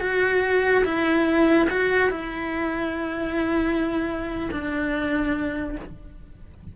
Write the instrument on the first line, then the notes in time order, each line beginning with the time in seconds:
cello
0.00 F#4
0.84 E4
1.70 F#4
2.10 E4
4.51 D4